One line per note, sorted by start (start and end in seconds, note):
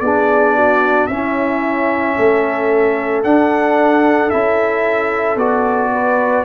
0.00 1.07 B3
0.00 1.10 D4
0.00 0.55 G#4
0.00 1.07 D5
0.55 1.09 F#4
1.07 2.15 C#4
1.07 3.24 C#4
1.07 2.16 E4
1.07 3.21 E5
2.16 3.24 A3
2.16 5.91 A4
3.23 4.30 D4
3.23 4.31 D4
3.23 4.30 F#5
4.30 5.35 C#4
4.30 5.37 E4
4.30 5.37 E5
5.35 6.42 B3
5.35 6.44 F#4
5.35 6.44 D5
5.92 6.44 B4